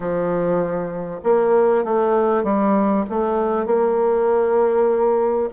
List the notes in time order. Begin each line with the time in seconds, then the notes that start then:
0.00 F3
1.23 A#3
1.84 A3
2.43 G3
3.09 A3
3.65 A#3